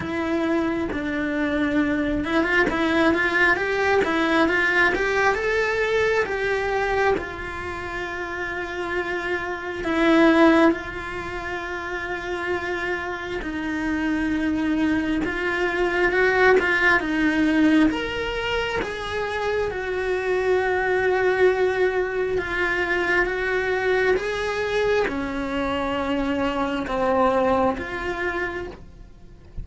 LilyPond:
\new Staff \with { instrumentName = "cello" } { \time 4/4 \tempo 4 = 67 e'4 d'4. e'16 f'16 e'8 f'8 | g'8 e'8 f'8 g'8 a'4 g'4 | f'2. e'4 | f'2. dis'4~ |
dis'4 f'4 fis'8 f'8 dis'4 | ais'4 gis'4 fis'2~ | fis'4 f'4 fis'4 gis'4 | cis'2 c'4 f'4 | }